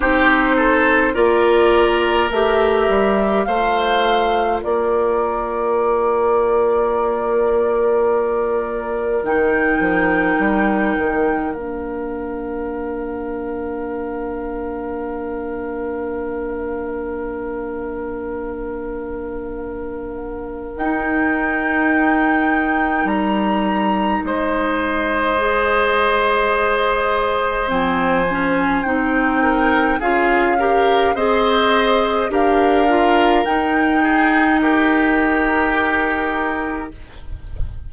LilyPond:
<<
  \new Staff \with { instrumentName = "flute" } { \time 4/4 \tempo 4 = 52 c''4 d''4 e''4 f''4 | d''1 | g''2 f''2~ | f''1~ |
f''2 g''2 | ais''4 dis''2. | gis''4 g''4 f''4 dis''4 | f''4 g''4 ais'2 | }
  \new Staff \with { instrumentName = "oboe" } { \time 4/4 g'8 a'8 ais'2 c''4 | ais'1~ | ais'1~ | ais'1~ |
ais'1~ | ais'4 c''2.~ | c''4. ais'8 gis'8 ais'8 c''4 | ais'4. gis'8 g'2 | }
  \new Staff \with { instrumentName = "clarinet" } { \time 4/4 dis'4 f'4 g'4 f'4~ | f'1 | dis'2 d'2~ | d'1~ |
d'2 dis'2~ | dis'2 gis'2 | c'8 cis'8 dis'4 f'8 g'8 gis'4 | g'8 f'8 dis'2. | }
  \new Staff \with { instrumentName = "bassoon" } { \time 4/4 c'4 ais4 a8 g8 a4 | ais1 | dis8 f8 g8 dis8 ais2~ | ais1~ |
ais2 dis'2 | g4 gis2. | f4 c'4 cis'4 c'4 | d'4 dis'2. | }
>>